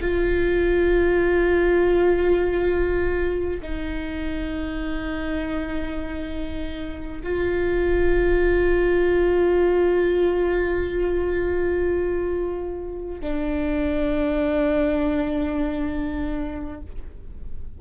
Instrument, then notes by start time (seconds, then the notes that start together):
viola
0.00 F4
3.62 D#4
7.23 F4
13.21 D4